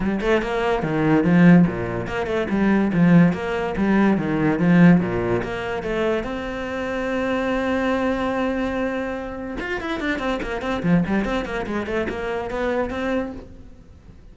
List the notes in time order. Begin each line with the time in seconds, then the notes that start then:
0.00 G3
0.21 A3
0.41 A#3
0.82 D#3
1.23 F3
1.67 A#2
2.07 A#3
2.26 A3
2.49 G3
2.93 F3
3.33 A#3
3.77 G3
4.17 D#3
4.59 F3
5.00 A#2
5.43 A#3
5.83 A3
6.23 C4
9.60 F4
9.80 E4
10.00 D4
10.19 C4
10.42 A#3
10.61 C4
10.82 F3
11.06 G3
11.24 C4
11.45 A#3
11.66 G#3
11.86 A3
12.09 A#3
12.50 B3
12.90 C4